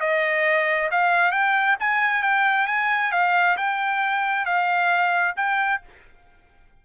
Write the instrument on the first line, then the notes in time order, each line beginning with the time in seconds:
trumpet
0.00 D#5
0.91 F5
1.31 G5
1.80 G#5
2.22 G5
2.67 G#5
3.11 F5
3.57 G5
4.45 F5
5.36 G5